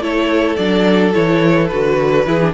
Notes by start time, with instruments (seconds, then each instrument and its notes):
0.00 cello A3, viola E4, violin A4 C#5
0.56 cello F#3, viola D4, violin D5
1.13 cello E3, viola E4, violin C#5
1.67 viola F#4, violin B4
1.73 cello D3
2.26 cello E3, viola E4, violin G#4
2.41 viola D4